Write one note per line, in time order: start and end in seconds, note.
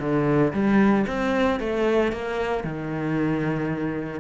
0.00 0.53 D3
0.53 1.06 G3
1.07 1.60 C4
1.60 2.12 A3
2.12 2.64 A#3
2.64 4.20 D#3